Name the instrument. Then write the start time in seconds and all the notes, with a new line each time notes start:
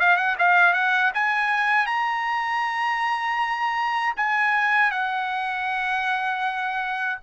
trumpet
0.00 F5
0.17 F#5
0.39 F5
0.74 F#5
1.15 G#5
1.86 A#5
4.17 G#5
4.91 F#5